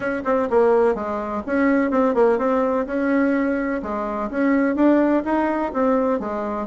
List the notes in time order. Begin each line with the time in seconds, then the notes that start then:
0.00 C#4
0.24 C4
0.50 A#3
0.95 G#3
1.46 C#4
1.90 C4
2.14 A#3
2.38 C4
2.86 C#4
3.82 G#3
4.30 C#4
4.75 D4
5.24 D#4
5.73 C4
6.19 G#3